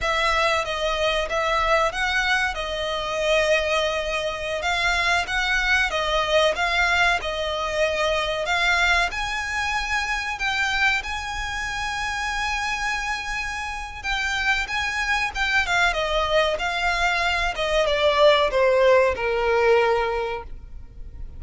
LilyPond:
\new Staff \with { instrumentName = "violin" } { \time 4/4 \tempo 4 = 94 e''4 dis''4 e''4 fis''4 | dis''2.~ dis''16 f''8.~ | f''16 fis''4 dis''4 f''4 dis''8.~ | dis''4~ dis''16 f''4 gis''4.~ gis''16~ |
gis''16 g''4 gis''2~ gis''8.~ | gis''2 g''4 gis''4 | g''8 f''8 dis''4 f''4. dis''8 | d''4 c''4 ais'2 | }